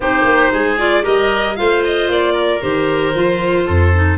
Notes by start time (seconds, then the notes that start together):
0.00 C4 D#4 G4 C5
0.23 A#3
0.52 G#3 G#4
0.78 F4 D5
1.02 G3 G4 A#4 D#5
1.56 A3 F4 C5 F5
1.84 D#5
2.08 A#3 D5
2.33 A#4
2.61 D#3 G4 C5
3.14 F3 F4
3.65 F2 A4
3.94 D#4